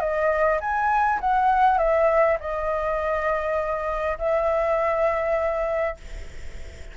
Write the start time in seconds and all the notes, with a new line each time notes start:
0.00 D#5
0.61 G#5
1.21 F#5
1.78 E5
2.40 D#5
4.19 E5